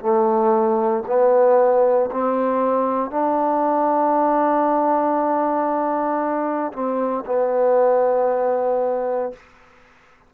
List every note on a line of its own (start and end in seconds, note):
0.00 1.03 A3
1.06 2.10 B3
2.11 3.10 C4
3.10 6.72 D4
6.72 7.24 C4
7.26 9.32 B3